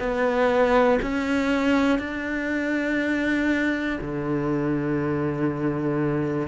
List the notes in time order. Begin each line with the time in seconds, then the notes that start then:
0.00 B3
1.02 C#4
2.00 D4
4.02 D3